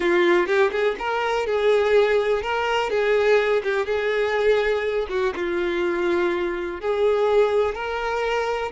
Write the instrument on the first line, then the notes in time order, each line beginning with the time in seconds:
violin
0.00 F4
0.46 G4
0.71 G#4
0.99 A#4
1.46 G#4
2.42 A#4
2.89 G#4
3.63 G4
3.86 G#4
5.09 F#4
5.35 F4
6.80 G#4
7.74 A#4